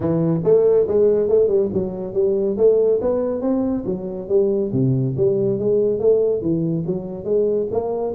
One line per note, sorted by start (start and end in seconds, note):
0.00 0.41 E3
0.44 0.86 A3
0.87 1.29 G#3
1.29 1.47 A3
1.47 1.69 G3
1.73 2.13 F#3
2.13 2.56 G3
2.57 3.00 A3
3.01 3.41 B3
3.41 3.84 C4
3.85 4.28 F#3
4.28 4.71 G3
4.72 5.15 C3
5.16 5.58 G3
5.58 5.99 G#3
5.99 6.41 A3
6.41 6.84 E3
6.86 7.24 F#3
7.24 7.67 G#3
7.71 8.14 A#3